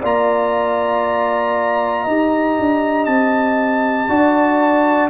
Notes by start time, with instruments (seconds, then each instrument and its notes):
0.00 tuba A#3, trombone F4, horn D5, trumpet A#5
2.03 tuba D#4, trombone G4, horn D#5
2.58 tuba D4
3.05 tuba C4, trumpet A5
4.08 tuba D4, trombone F#4, horn D5